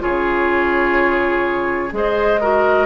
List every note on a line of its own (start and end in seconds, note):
0.00 1.93 C#3
0.00 1.90 F4
0.00 1.93 G#4
0.00 1.92 C#5
1.91 2.87 G#3
1.91 2.39 G#4
1.91 2.41 C5
1.91 2.87 D#5
2.41 2.87 F#4
2.41 2.87 A#4